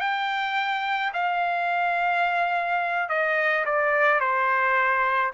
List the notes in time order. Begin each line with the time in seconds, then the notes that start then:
0.00 G5
1.13 F5
3.08 D#5
3.65 D5
4.20 C5